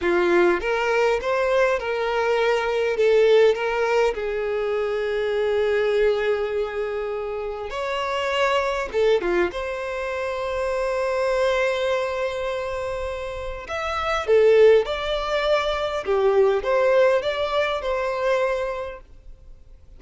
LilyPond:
\new Staff \with { instrumentName = "violin" } { \time 4/4 \tempo 4 = 101 f'4 ais'4 c''4 ais'4~ | ais'4 a'4 ais'4 gis'4~ | gis'1~ | gis'4 cis''2 a'8 f'8 |
c''1~ | c''2. e''4 | a'4 d''2 g'4 | c''4 d''4 c''2 | }